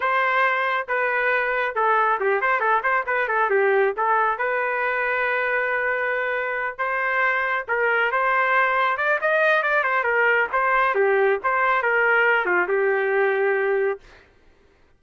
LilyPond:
\new Staff \with { instrumentName = "trumpet" } { \time 4/4 \tempo 4 = 137 c''2 b'2 | a'4 g'8 c''8 a'8 c''8 b'8 a'8 | g'4 a'4 b'2~ | b'2.~ b'8 c''8~ |
c''4. ais'4 c''4.~ | c''8 d''8 dis''4 d''8 c''8 ais'4 | c''4 g'4 c''4 ais'4~ | ais'8 f'8 g'2. | }